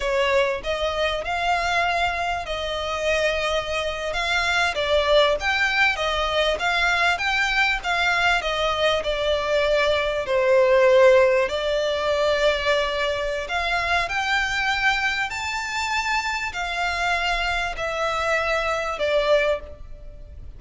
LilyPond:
\new Staff \with { instrumentName = "violin" } { \time 4/4 \tempo 4 = 98 cis''4 dis''4 f''2 | dis''2~ dis''8. f''4 d''16~ | d''8. g''4 dis''4 f''4 g''16~ | g''8. f''4 dis''4 d''4~ d''16~ |
d''8. c''2 d''4~ d''16~ | d''2 f''4 g''4~ | g''4 a''2 f''4~ | f''4 e''2 d''4 | }